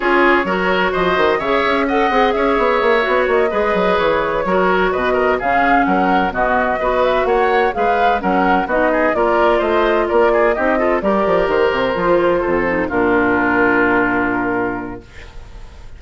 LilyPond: <<
  \new Staff \with { instrumentName = "flute" } { \time 4/4 \tempo 4 = 128 cis''2 dis''4 e''4 | fis''4 e''2 dis''4~ | dis''8 cis''2 dis''4 f''8~ | f''8 fis''4 dis''4. e''8 fis''8~ |
fis''8 f''4 fis''4 dis''4 d''8~ | d''8 dis''4 d''4 dis''4 d''8~ | d''8 c''2. ais'8~ | ais'1 | }
  \new Staff \with { instrumentName = "oboe" } { \time 4/4 gis'4 ais'4 c''4 cis''4 | dis''4 cis''2~ cis''8 b'8~ | b'4. ais'4 b'8 ais'8 gis'8~ | gis'8 ais'4 fis'4 b'4 cis''8~ |
cis''8 b'4 ais'4 fis'8 gis'8 ais'8~ | ais'8 c''4 ais'8 gis'8 g'8 a'8 ais'8~ | ais'2~ ais'8 a'4 f'8~ | f'1 | }
  \new Staff \with { instrumentName = "clarinet" } { \time 4/4 f'4 fis'2 gis'4 | a'8 gis'2 fis'4 gis'8~ | gis'4. fis'2 cis'8~ | cis'4. b4 fis'4.~ |
fis'8 gis'4 cis'4 dis'4 f'8~ | f'2~ f'8 dis'8 f'8 g'8~ | g'4. f'4. dis'8 d'8~ | d'1 | }
  \new Staff \with { instrumentName = "bassoon" } { \time 4/4 cis'4 fis4 f8 dis8 cis8 cis'8~ | cis'8 c'8 cis'8 b8 ais8 b8 ais8 gis8 | fis8 e4 fis4 b,4 cis8~ | cis8 fis4 b,4 b4 ais8~ |
ais8 gis4 fis4 b4 ais8~ | ais8 a4 ais4 c'4 g8 | f8 dis8 c8 f4 f,4 ais,8~ | ais,1 | }
>>